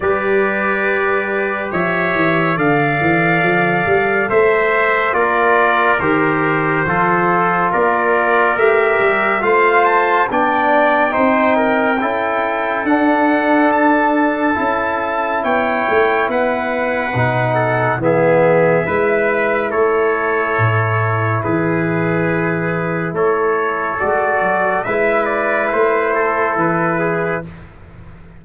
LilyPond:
<<
  \new Staff \with { instrumentName = "trumpet" } { \time 4/4 \tempo 4 = 70 d''2 e''4 f''4~ | f''4 e''4 d''4 c''4~ | c''4 d''4 e''4 f''8 a''8 | g''2. fis''4 |
a''2 g''4 fis''4~ | fis''4 e''2 cis''4~ | cis''4 b'2 cis''4 | d''4 e''8 d''8 c''4 b'4 | }
  \new Staff \with { instrumentName = "trumpet" } { \time 4/4 b'2 cis''4 d''4~ | d''4 c''4 ais'2 | a'4 ais'2 c''4 | d''4 c''8 ais'8 a'2~ |
a'2 cis''4 b'4~ | b'8 a'8 gis'4 b'4 a'4~ | a'4 gis'2 a'4~ | a'4 b'4. a'4 gis'8 | }
  \new Staff \with { instrumentName = "trombone" } { \time 4/4 g'2. a'4~ | a'2 f'4 g'4 | f'2 g'4 f'4 | d'4 dis'4 e'4 d'4~ |
d'4 e'2. | dis'4 b4 e'2~ | e'1 | fis'4 e'2. | }
  \new Staff \with { instrumentName = "tuba" } { \time 4/4 g2 f8 e8 d8 e8 | f8 g8 a4 ais4 dis4 | f4 ais4 a8 g8 a4 | b4 c'4 cis'4 d'4~ |
d'4 cis'4 b8 a8 b4 | b,4 e4 gis4 a4 | a,4 e2 a4 | gis8 fis8 gis4 a4 e4 | }
>>